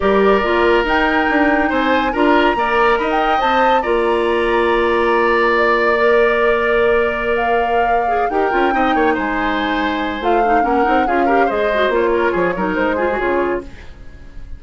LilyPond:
<<
  \new Staff \with { instrumentName = "flute" } { \time 4/4 \tempo 4 = 141 d''2 g''2 | gis''4 ais''2 b''16 g''8. | a''4 ais''2.~ | ais''4 d''2.~ |
d''4~ d''16 f''2~ f''16 g''8~ | g''4. gis''2~ gis''8 | f''4 fis''4 f''4 dis''4 | cis''2 c''4 cis''4 | }
  \new Staff \with { instrumentName = "oboe" } { \time 4/4 ais'1 | c''4 ais'4 d''4 dis''4~ | dis''4 d''2.~ | d''1~ |
d''2.~ d''8 ais'8~ | ais'8 dis''8 cis''8 c''2~ c''8~ | c''4 ais'4 gis'8 ais'8 c''4~ | c''8 ais'8 gis'8 ais'4 gis'4. | }
  \new Staff \with { instrumentName = "clarinet" } { \time 4/4 g'4 f'4 dis'2~ | dis'4 f'4 ais'2 | c''4 f'2.~ | f'2 ais'2~ |
ais'2. gis'8 g'8 | f'8 dis'2.~ dis'8 | f'8 dis'8 cis'8 dis'8 f'8 g'8 gis'8 fis'8 | f'4. dis'4 f'16 fis'16 f'4 | }
  \new Staff \with { instrumentName = "bassoon" } { \time 4/4 g4 ais4 dis'4 d'4 | c'4 d'4 ais4 dis'4 | c'4 ais2.~ | ais1~ |
ais2.~ ais8 dis'8 | cis'8 c'8 ais8 gis2~ gis8 | a4 ais8 c'8 cis'4 gis4 | ais4 f8 fis8 gis4 cis4 | }
>>